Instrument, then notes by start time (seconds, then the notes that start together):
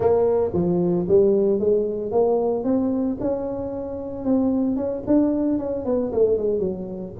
tuba
0.00 A#3
0.53 F3
1.08 G3
1.59 G#3
2.11 A#3
2.64 C4
3.20 C#4
4.24 C4
4.76 C#4
5.06 D4
5.58 C#4
5.85 B3
6.12 A3
6.37 G#3
6.59 F#3